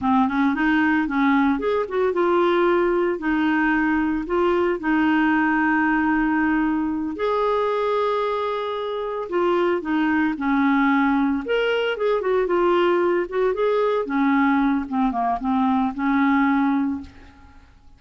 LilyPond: \new Staff \with { instrumentName = "clarinet" } { \time 4/4 \tempo 4 = 113 c'8 cis'8 dis'4 cis'4 gis'8 fis'8 | f'2 dis'2 | f'4 dis'2.~ | dis'4. gis'2~ gis'8~ |
gis'4. f'4 dis'4 cis'8~ | cis'4. ais'4 gis'8 fis'8 f'8~ | f'4 fis'8 gis'4 cis'4. | c'8 ais8 c'4 cis'2 | }